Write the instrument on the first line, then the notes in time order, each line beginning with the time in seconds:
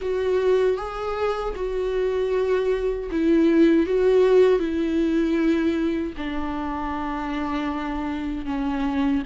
viola
0.01 F#4
0.77 G#4
1.55 F#4
3.11 E4
3.86 F#4
4.59 E4
6.17 D4
8.45 C#4